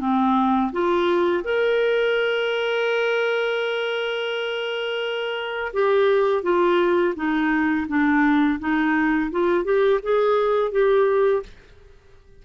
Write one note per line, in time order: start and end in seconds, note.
0.00 0.71 C4
0.72 1.44 F4
1.44 5.73 A#4
5.73 6.43 G4
6.43 7.14 F4
7.16 7.87 D#4
7.88 8.59 D4
8.59 9.31 D#4
9.31 9.64 F4
9.64 10.00 G4
10.03 10.71 G#4
10.71 11.43 G4